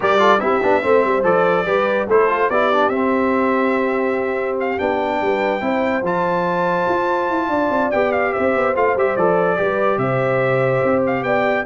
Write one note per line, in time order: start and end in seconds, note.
0.00 0.40 G3
0.00 0.18 G4
0.00 0.19 A#4
0.00 0.40 D5
0.18 0.39 F4
0.18 0.40 A4
0.40 0.61 C4
0.40 0.61 E4
0.40 0.83 G4
0.40 1.23 E5
0.62 0.83 B3
0.62 0.82 D4
0.82 1.04 A3
0.82 1.23 C4
0.82 1.65 C5
1.04 1.23 G3
1.23 1.65 F3
1.23 1.64 A4
1.23 2.08 D5
1.65 2.07 G3
1.65 2.07 G4
1.65 2.06 B4
2.06 2.49 A3
2.06 2.28 E4
2.06 2.48 A4
2.06 2.50 C5
2.28 2.49 F4
2.49 2.89 B3
2.49 2.72 E4
2.49 5.21 G4
2.49 2.89 D5
2.72 2.91 D4
2.89 4.76 C4
2.89 4.78 C4
2.89 4.55 E5
4.60 4.78 F5
4.78 5.21 B3
4.78 5.60 D4
4.78 6.03 G5
5.21 5.61 G3
5.21 5.63 B4
5.60 6.02 C4
5.60 6.02 E4
5.60 7.49 C5
6.02 6.85 F3
6.02 7.92 F4
6.02 7.91 A5
6.88 7.30 F4
7.30 7.48 E4
7.48 7.69 D4
7.48 8.32 D5
7.70 7.91 C4
7.91 8.34 B3
7.91 8.75 G4
7.91 8.12 G5
8.12 8.32 F5
8.32 8.55 C4
8.32 9.57 C5
8.32 8.74 E5
8.55 8.75 B3
8.75 8.95 A3
8.75 8.95 F4
8.75 8.97 F5
8.95 9.15 G3
8.95 9.18 G4
8.95 9.16 E5
9.16 9.58 F3
9.16 9.56 A4
9.16 9.98 D5
9.56 9.97 G3
9.56 11.65 G4
9.56 10.00 B4
9.97 10.80 C3
9.97 11.25 C5
9.97 11.02 E5
10.83 11.22 C4
11.06 11.23 F5
11.22 11.64 B3
11.22 11.65 D5
11.22 11.64 G5